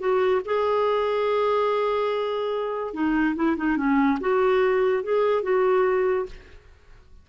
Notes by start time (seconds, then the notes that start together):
0.00 F#4
0.45 G#4
2.94 D#4
3.36 E4
3.57 D#4
3.77 C#4
4.21 F#4
5.04 G#4
5.43 F#4